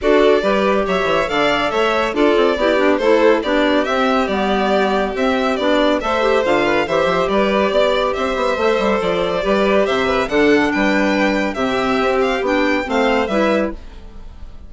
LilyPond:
<<
  \new Staff \with { instrumentName = "violin" } { \time 4/4 \tempo 4 = 140 d''2 e''4 f''4 | e''4 d''2 c''4 | d''4 e''4 d''2 | e''4 d''4 e''4 f''4 |
e''4 d''2 e''4~ | e''4 d''2 e''4 | fis''4 g''2 e''4~ | e''8 f''8 g''4 f''4 e''4 | }
  \new Staff \with { instrumentName = "violin" } { \time 4/4 a'4 b'4 cis''4 d''4 | cis''4 a'4 g'4 a'4 | g'1~ | g'2 c''4. b'8 |
c''4 b'4 d''4 c''4~ | c''2 b'4 c''8 b'8 | a'4 b'2 g'4~ | g'2 c''4 b'4 | }
  \new Staff \with { instrumentName = "clarinet" } { \time 4/4 fis'4 g'2 a'4~ | a'4 f'4 e'8 d'8 e'4 | d'4 c'4 b2 | c'4 d'4 a'8 g'8 f'4 |
g'1 | a'2 g'2 | d'2. c'4~ | c'4 d'4 c'4 e'4 | }
  \new Staff \with { instrumentName = "bassoon" } { \time 4/4 d'4 g4 fis8 e8 d4 | a4 d'8 c'8 b4 a4 | b4 c'4 g2 | c'4 b4 a4 d4 |
e8 f8 g4 b4 c'8 b8 | a8 g8 f4 g4 c4 | d4 g2 c4 | c'4 b4 a4 g4 | }
>>